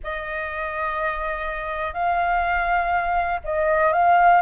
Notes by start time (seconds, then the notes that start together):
0.03 D#5
1.93 F5
3.44 D#5
3.92 F5